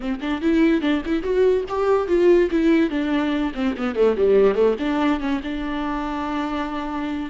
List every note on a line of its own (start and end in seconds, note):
0.00 0.20 C4
0.20 0.41 D4
0.41 0.81 E4
0.81 1.02 D4
1.05 1.22 E4
1.22 1.64 F#4
1.69 2.07 G4
2.07 2.49 F4
2.51 2.89 E4
2.89 3.52 D4
3.54 3.75 C4
3.77 3.95 B3
3.95 4.16 A3
4.16 4.55 G3
4.55 4.75 A3
4.79 5.20 D4
5.20 5.40 C#4
5.43 7.30 D4